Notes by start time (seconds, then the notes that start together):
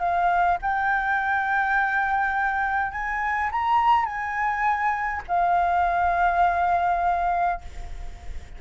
0.00 F5
0.62 G5
2.92 G#5
3.52 A#5
4.06 G#5
5.28 F5